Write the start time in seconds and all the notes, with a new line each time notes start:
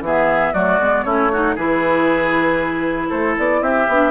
0.00 E3 B3 G#4 E5
0.53 F#3 A3 F#4 D5
0.79 G#3 B3
1.04 A3 C#4 E4 C#5
1.32 D#4 F#4
1.55 E3 E4 G#4 B4
3.09 A3 A4 C5
3.37 B3 D5
3.61 C4 G4 E5
3.87 B3 D4